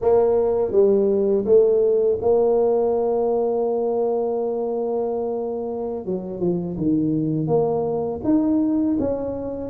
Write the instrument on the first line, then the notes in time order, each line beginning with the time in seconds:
tuba
0.01 A#3
0.71 G3
1.45 A3
2.21 A#3
6.05 F#3
6.39 F3
6.77 D#3
7.47 A#3
8.24 D#4
8.99 C#4